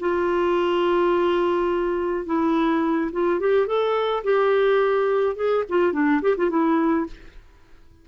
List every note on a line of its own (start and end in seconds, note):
0.00 2.26 F4
2.26 3.11 E4
3.12 3.40 F4
3.40 3.67 G4
3.67 4.23 A4
4.24 5.36 G4
5.36 5.64 G#4
5.69 5.93 F4
5.93 6.21 D4
6.22 6.36 G4
6.37 6.50 F4
6.50 7.07 E4